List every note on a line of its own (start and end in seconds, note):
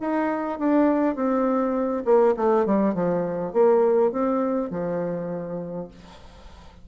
0.00 0.59 D#4
0.59 1.15 D4
1.15 2.03 C4
2.05 2.34 A#3
2.36 2.66 A3
2.66 2.94 G3
2.94 3.53 F3
3.53 4.11 A#3
4.11 4.70 C4
4.70 5.87 F3